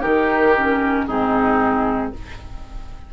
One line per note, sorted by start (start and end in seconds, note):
0.00 1.08 D#3
0.00 0.54 D#4
0.00 1.05 G4
0.00 1.07 A#4
0.57 1.08 C#4
1.07 2.13 G#2
1.07 2.13 C4
1.07 2.12 D#4
1.07 2.13 G#4